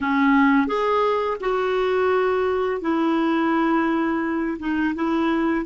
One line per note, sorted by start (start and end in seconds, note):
0.00 0.67 C#4
0.67 1.37 G#4
1.40 2.81 F#4
2.81 4.57 E4
4.59 4.94 D#4
4.94 5.65 E4